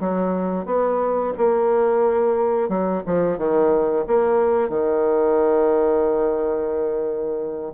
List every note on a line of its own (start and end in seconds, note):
0.00 0.66 F#3
0.66 1.33 B3
1.38 2.69 A#3
2.69 3.02 F#3
3.06 3.38 F3
3.38 4.05 D#3
4.07 4.69 A#3
4.69 7.73 D#3